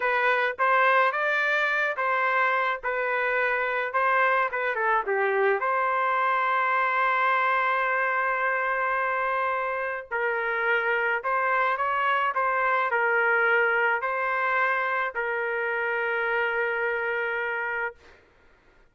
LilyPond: \new Staff \with { instrumentName = "trumpet" } { \time 4/4 \tempo 4 = 107 b'4 c''4 d''4. c''8~ | c''4 b'2 c''4 | b'8 a'8 g'4 c''2~ | c''1~ |
c''2 ais'2 | c''4 cis''4 c''4 ais'4~ | ais'4 c''2 ais'4~ | ais'1 | }